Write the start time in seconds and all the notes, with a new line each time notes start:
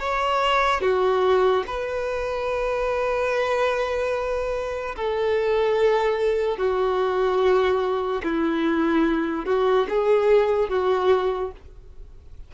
0.00 C#5
0.82 F#4
1.67 B4
4.96 A4
6.58 F#4
8.24 E4
9.46 F#4
9.89 G#4
10.70 F#4